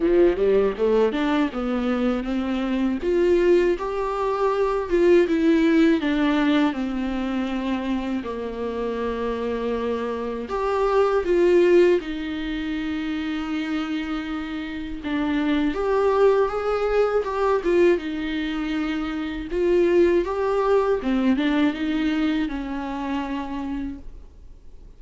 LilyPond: \new Staff \with { instrumentName = "viola" } { \time 4/4 \tempo 4 = 80 f8 g8 a8 d'8 b4 c'4 | f'4 g'4. f'8 e'4 | d'4 c'2 ais4~ | ais2 g'4 f'4 |
dis'1 | d'4 g'4 gis'4 g'8 f'8 | dis'2 f'4 g'4 | c'8 d'8 dis'4 cis'2 | }